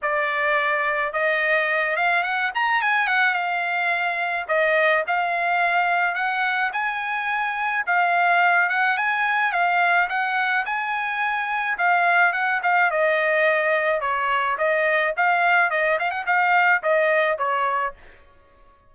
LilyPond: \new Staff \with { instrumentName = "trumpet" } { \time 4/4 \tempo 4 = 107 d''2 dis''4. f''8 | fis''8 ais''8 gis''8 fis''8 f''2 | dis''4 f''2 fis''4 | gis''2 f''4. fis''8 |
gis''4 f''4 fis''4 gis''4~ | gis''4 f''4 fis''8 f''8 dis''4~ | dis''4 cis''4 dis''4 f''4 | dis''8 f''16 fis''16 f''4 dis''4 cis''4 | }